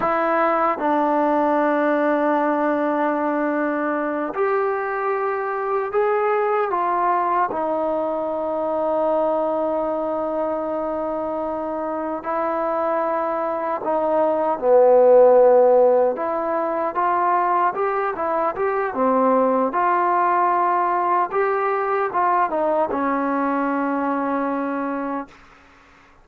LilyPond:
\new Staff \with { instrumentName = "trombone" } { \time 4/4 \tempo 4 = 76 e'4 d'2.~ | d'4. g'2 gis'8~ | gis'8 f'4 dis'2~ dis'8~ | dis'2.~ dis'8 e'8~ |
e'4. dis'4 b4.~ | b8 e'4 f'4 g'8 e'8 g'8 | c'4 f'2 g'4 | f'8 dis'8 cis'2. | }